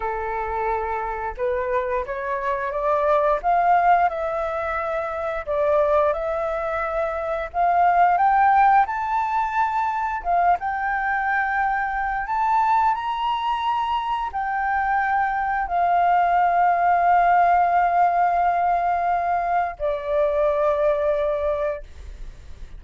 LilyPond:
\new Staff \with { instrumentName = "flute" } { \time 4/4 \tempo 4 = 88 a'2 b'4 cis''4 | d''4 f''4 e''2 | d''4 e''2 f''4 | g''4 a''2 f''8 g''8~ |
g''2 a''4 ais''4~ | ais''4 g''2 f''4~ | f''1~ | f''4 d''2. | }